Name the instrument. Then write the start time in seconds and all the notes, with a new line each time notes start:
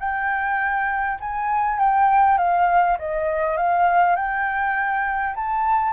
flute
0.00 G5
1.20 G#5
1.79 G5
2.38 F5
2.99 D#5
3.57 F5
4.16 G5
5.35 A5